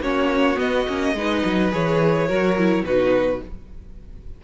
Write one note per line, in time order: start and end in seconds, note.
0.00 0.57 A#3
0.00 0.56 C#4
0.00 1.15 F#4
0.00 0.59 C#5
0.56 0.84 B3
0.56 0.86 B3
0.56 1.72 D#5
0.88 1.15 A#3
0.88 1.17 C#4
1.15 1.43 G#3
1.15 1.71 D#4
1.15 2.28 B4
1.45 1.73 F#3
1.71 2.30 E3
1.71 2.28 G#4
1.71 2.85 C#5
2.28 2.83 F#3
2.28 2.57 F#4
2.28 2.84 A#4
2.58 2.86 E4
2.83 3.39 B2
2.83 3.44 D#4
2.83 3.42 F#4
2.83 3.41 B4